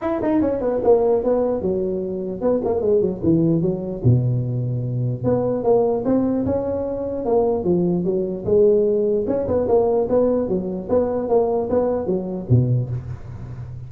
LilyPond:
\new Staff \with { instrumentName = "tuba" } { \time 4/4 \tempo 4 = 149 e'8 dis'8 cis'8 b8 ais4 b4 | fis2 b8 ais8 gis8 fis8 | e4 fis4 b,2~ | b,4 b4 ais4 c'4 |
cis'2 ais4 f4 | fis4 gis2 cis'8 b8 | ais4 b4 fis4 b4 | ais4 b4 fis4 b,4 | }